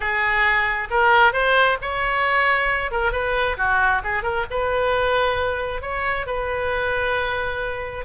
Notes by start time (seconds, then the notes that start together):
0.00 G#4
0.90 A#4
1.32 C5
1.81 C#5
2.91 A#4
3.12 B4
3.57 F#4
4.03 G#4
4.23 A#4
4.50 B4
5.81 C#5
6.26 B4